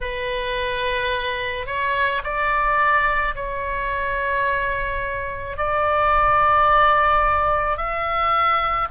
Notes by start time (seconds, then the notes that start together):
0.00 B4
1.66 C#5
2.23 D5
3.35 C#5
5.57 D5
7.77 E5